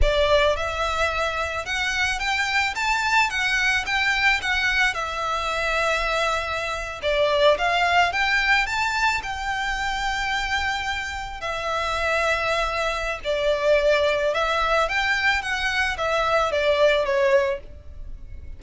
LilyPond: \new Staff \with { instrumentName = "violin" } { \time 4/4 \tempo 4 = 109 d''4 e''2 fis''4 | g''4 a''4 fis''4 g''4 | fis''4 e''2.~ | e''8. d''4 f''4 g''4 a''16~ |
a''8. g''2.~ g''16~ | g''8. e''2.~ e''16 | d''2 e''4 g''4 | fis''4 e''4 d''4 cis''4 | }